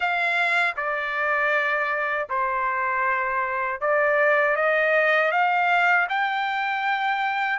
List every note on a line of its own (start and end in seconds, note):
0.00 0.75 F5
0.76 2.28 D5
2.29 3.80 C5
3.80 4.56 D5
4.56 5.31 D#5
5.31 6.07 F5
6.09 7.59 G5